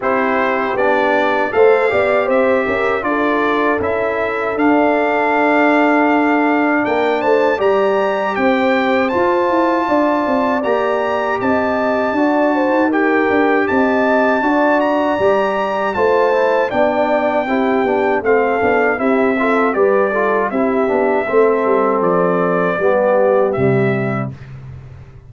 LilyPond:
<<
  \new Staff \with { instrumentName = "trumpet" } { \time 4/4 \tempo 4 = 79 c''4 d''4 f''4 e''4 | d''4 e''4 f''2~ | f''4 g''8 a''8 ais''4 g''4 | a''2 ais''4 a''4~ |
a''4 g''4 a''4. ais''8~ | ais''4 a''4 g''2 | f''4 e''4 d''4 e''4~ | e''4 d''2 e''4 | }
  \new Staff \with { instrumentName = "horn" } { \time 4/4 g'2 c''8 d''8 c''8 ais'8 | a'1~ | a'4 ais'8 c''8 d''4 c''4~ | c''4 d''2 dis''4 |
d''8 c''8 ais'4 dis''4 d''4~ | d''4 c''4 d''4 g'4 | a'4 g'8 a'8 b'8 a'8 g'4 | a'2 g'2 | }
  \new Staff \with { instrumentName = "trombone" } { \time 4/4 e'4 d'4 a'8 g'4. | f'4 e'4 d'2~ | d'2 g'2 | f'2 g'2 |
fis'4 g'2 fis'4 | g'4 f'8 e'8 d'4 e'8 d'8 | c'8 d'8 e'8 f'8 g'8 f'8 e'8 d'8 | c'2 b4 g4 | }
  \new Staff \with { instrumentName = "tuba" } { \time 4/4 c'4 b4 a8 b8 c'8 cis'8 | d'4 cis'4 d'2~ | d'4 ais8 a8 g4 c'4 | f'8 e'8 d'8 c'8 ais4 c'4 |
d'8. dis'8. d'8 c'4 d'4 | g4 a4 b4 c'8 b8 | a8 b8 c'4 g4 c'8 b8 | a8 g8 f4 g4 c4 | }
>>